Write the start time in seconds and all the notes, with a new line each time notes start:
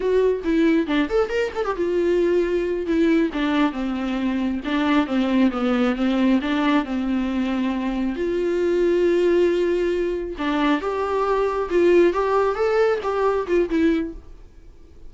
0.00 F#4
0.44 E4
0.86 D4
1.09 A4
1.29 A#4
1.55 A4
1.64 G4
1.76 F4
2.86 E4
3.33 D4
3.72 C4
4.64 D4
5.06 C4
5.51 B3
5.95 C4
6.41 D4
6.84 C4
8.15 F4
10.38 D4
10.80 G4
11.70 F4
12.13 G4
12.55 A4
13.02 G4
13.47 F4
13.69 E4